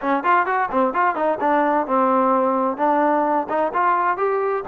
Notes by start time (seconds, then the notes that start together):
0.01 C#4
0.23 F4
0.46 F#4
0.71 C4
0.93 F4
1.15 D#4
1.40 D4
1.86 C4
2.77 D4
3.49 D#4
3.73 F4
4.17 G4